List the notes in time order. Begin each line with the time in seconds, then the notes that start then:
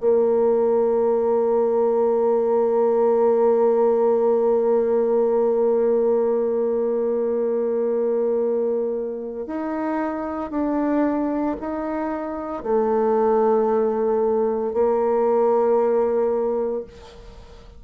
0.00 A#3
9.47 D#4
10.51 D4
11.60 D#4
12.63 A3
14.73 A#3